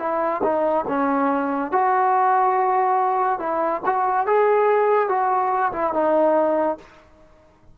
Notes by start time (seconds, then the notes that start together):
0.00 E4
0.43 D#4
0.89 C#4
1.72 F#4
3.40 E4
3.86 F#4
4.27 G#4
5.09 F#4
5.73 E4
5.94 D#4